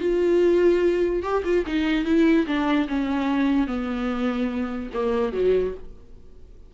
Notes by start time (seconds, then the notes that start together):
0.00 F4
1.23 G4
1.44 F4
1.66 D#4
2.05 E4
2.47 D4
2.88 C#4
3.67 B3
4.94 A#3
5.33 F#3